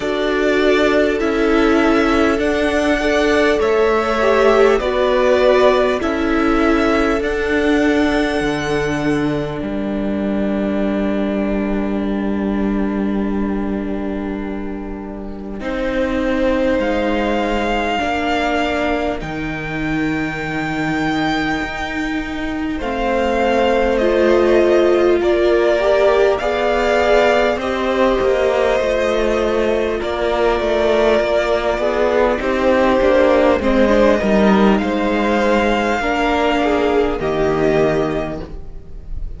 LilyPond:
<<
  \new Staff \with { instrumentName = "violin" } { \time 4/4 \tempo 4 = 50 d''4 e''4 fis''4 e''4 | d''4 e''4 fis''2 | g''1~ | g''2 f''2 |
g''2. f''4 | dis''4 d''4 f''4 dis''4~ | dis''4 d''2 c''4 | dis''4 f''2 dis''4 | }
  \new Staff \with { instrumentName = "violin" } { \time 4/4 a'2~ a'8 d''8 cis''4 | b'4 a'2. | ais'1~ | ais'4 c''2 ais'4~ |
ais'2. c''4~ | c''4 ais'4 d''4 c''4~ | c''4 ais'4. gis'8 g'4 | c''8 ais'8 c''4 ais'8 gis'8 g'4 | }
  \new Staff \with { instrumentName = "viola" } { \time 4/4 fis'4 e'4 d'8 a'4 g'8 | fis'4 e'4 d'2~ | d'1~ | d'4 dis'2 d'4 |
dis'2. c'4 | f'4. g'8 gis'4 g'4 | f'2. dis'8 d'8 | c'16 d'16 dis'4. d'4 ais4 | }
  \new Staff \with { instrumentName = "cello" } { \time 4/4 d'4 cis'4 d'4 a4 | b4 cis'4 d'4 d4 | g1~ | g4 c'4 gis4 ais4 |
dis2 dis'4 a4~ | a4 ais4 b4 c'8 ais8 | a4 ais8 a8 ais8 b8 c'8 ais8 | gis8 g8 gis4 ais4 dis4 | }
>>